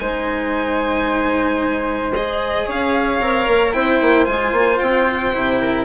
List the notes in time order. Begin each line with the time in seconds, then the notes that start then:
0.00 G#3 D#4 C5 G#5
2.15 G#4 D#5
2.67 C#4 C#5 F5
3.20 C4 A#4
3.48 A#3
3.73 C4 E4 C5 G5
4.01 A#3
4.26 G#3 F4 G#5
4.52 A#3
4.79 C4 G5
5.33 C3 E4
5.61 A#4